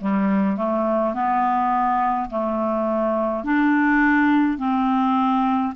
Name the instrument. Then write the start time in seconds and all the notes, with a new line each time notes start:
clarinet
0.00 G3
0.57 A3
1.14 B3
2.30 A3
3.44 D4
4.58 C4